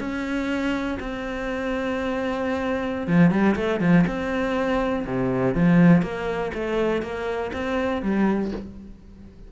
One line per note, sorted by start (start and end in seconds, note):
0.00 0.98 C#4
1.00 3.08 C4
3.08 3.31 F3
3.31 3.55 G3
3.56 3.80 A3
3.80 4.05 F3
4.07 5.06 C4
5.06 5.55 C3
5.55 6.02 F3
6.02 6.51 A#3
6.54 7.02 A3
7.02 7.52 A#3
7.53 8.02 C4
8.02 8.51 G3